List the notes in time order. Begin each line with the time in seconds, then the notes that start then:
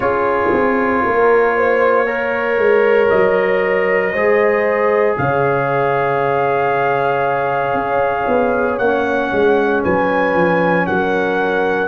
0.00 C#4 F4 G#4 C#5
0.52 C4
1.05 A#3 A#4
1.56 C5
2.06 A#4 C#5
2.58 G#3
3.09 F#3 D#5
4.12 G#3 G#4 C5
5.17 C#3 C#5 F5
7.73 C#4
8.27 B3
8.78 A#3 C#4 F#5
9.32 G#3
9.82 F#3 B4 G#5
10.34 F3
10.86 F#3 A#4 F#5